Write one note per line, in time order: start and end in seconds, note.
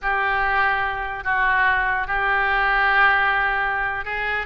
0.02 1.24 G4
1.24 2.07 F#4
2.07 4.04 G4
4.04 4.46 G#4